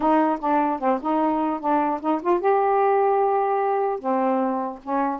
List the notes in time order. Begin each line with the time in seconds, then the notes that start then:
0.00 D#4
0.40 D4
0.79 C4
1.01 D#4
1.59 D4
2.01 D#4
2.22 F4
2.40 G4
3.99 C4
4.83 C#4